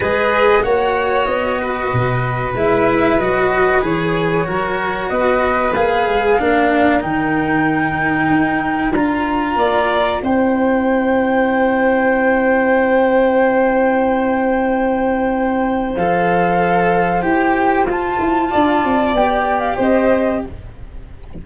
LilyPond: <<
  \new Staff \with { instrumentName = "flute" } { \time 4/4 \tempo 4 = 94 dis''4 fis''4 dis''2 | e''4 dis''4 cis''2 | dis''4 f''2 g''4~ | g''2 ais''2 |
g''1~ | g''1~ | g''4 f''2 g''4 | a''2 g''8. f''16 dis''4 | }
  \new Staff \with { instrumentName = "violin" } { \time 4/4 b'4 cis''4. b'4.~ | b'2. ais'4 | b'2 ais'2~ | ais'2. d''4 |
c''1~ | c''1~ | c''1~ | c''4 d''2 c''4 | }
  \new Staff \with { instrumentName = "cello" } { \time 4/4 gis'4 fis'2. | e'4 fis'4 gis'4 fis'4~ | fis'4 gis'4 d'4 dis'4~ | dis'2 f'2 |
e'1~ | e'1~ | e'4 a'2 g'4 | f'2 g'2 | }
  \new Staff \with { instrumentName = "tuba" } { \time 4/4 gis4 ais4 b4 b,4 | gis4 fis4 e4 fis4 | b4 ais8 gis8 ais4 dis4~ | dis4 dis'4 d'4 ais4 |
c'1~ | c'1~ | c'4 f2 e'4 | f'8 e'8 d'8 c'8 b4 c'4 | }
>>